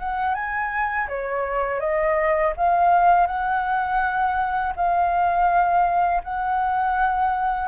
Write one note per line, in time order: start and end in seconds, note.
0.00 0.35 F#5
0.35 1.08 G#5
1.08 1.80 C#5
1.80 2.53 D#5
2.57 3.27 F5
3.27 4.74 F#5
4.76 6.22 F5
6.24 7.68 F#5